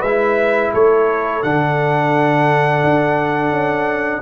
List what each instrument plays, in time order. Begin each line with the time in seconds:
0.00 tuba G#3, horn B4, trumpet E5
0.07 trombone E4
0.74 tuba A3, horn A4, trumpet C#5
1.43 tuba D3, trombone D4, trumpet F#5
2.84 tuba D4
3.51 tuba C#4